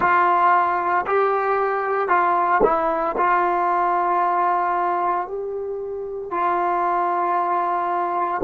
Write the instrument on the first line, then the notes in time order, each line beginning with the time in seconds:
trombone
0.00 F4
1.06 G4
2.08 F4
2.63 E4
3.17 F4
5.27 G4
6.30 F4